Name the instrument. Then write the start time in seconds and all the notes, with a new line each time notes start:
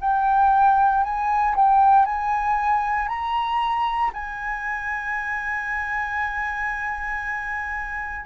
flute
0.00 G5
1.03 G#5
1.55 G5
2.05 G#5
3.08 A#5
4.13 G#5